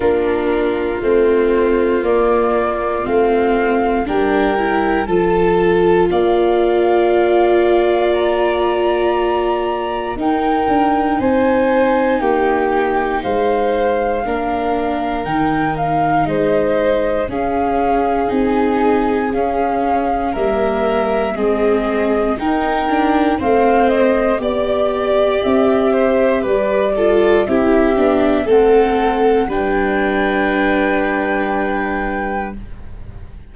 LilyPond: <<
  \new Staff \with { instrumentName = "flute" } { \time 4/4 \tempo 4 = 59 ais'4 c''4 d''4 f''4 | g''4 a''4 f''2 | ais''2 g''4 gis''4 | g''4 f''2 g''8 f''8 |
dis''4 f''4 gis''4 f''4 | e''4 dis''4 g''4 f''8 dis''8 | d''4 e''4 d''4 e''4 | fis''4 g''2. | }
  \new Staff \with { instrumentName = "violin" } { \time 4/4 f'1 | ais'4 a'4 d''2~ | d''2 ais'4 c''4 | g'4 c''4 ais'2 |
c''4 gis'2. | ais'4 gis'4 ais'4 c''4 | d''4. c''8 b'8 a'8 g'4 | a'4 b'2. | }
  \new Staff \with { instrumentName = "viola" } { \time 4/4 d'4 c'4 ais4 c'4 | d'8 e'8 f'2.~ | f'2 dis'2~ | dis'2 d'4 dis'4~ |
dis'4 cis'4 dis'4 cis'4 | ais4 c'4 dis'8 d'8 c'4 | g'2~ g'8 f'8 e'8 d'8 | c'4 d'2. | }
  \new Staff \with { instrumentName = "tuba" } { \time 4/4 ais4 a4 ais4 a4 | g4 f4 ais2~ | ais2 dis'8 d'8 c'4 | ais4 gis4 ais4 dis4 |
gis4 cis'4 c'4 cis'4 | g4 gis4 dis'4 a4 | b4 c'4 g4 c'8 b8 | a4 g2. | }
>>